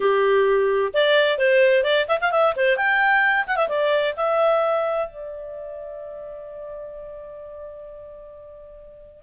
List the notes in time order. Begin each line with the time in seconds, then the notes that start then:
0.00 G4
0.93 D5
1.38 C5
1.83 D5
2.08 E5
2.20 F5
2.31 E5
2.56 C5
2.76 G5
3.47 F#5
3.56 E5
3.68 D5
4.16 E5
5.08 D5